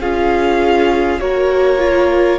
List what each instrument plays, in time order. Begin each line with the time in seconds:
0.00 cello C#4, viola F4, violin G#4 F5
1.19 cello A#3, viola F#4, violin A#4 C#5
1.79 viola F4